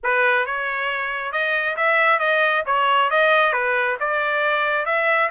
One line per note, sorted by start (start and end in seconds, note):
0.03 0.45 B4
0.45 1.31 C#5
1.31 1.75 D#5
1.76 2.19 E5
2.19 2.63 D#5
2.66 3.10 C#5
3.10 3.52 D#5
3.52 3.96 B4
4.00 4.85 D5
4.85 5.29 E5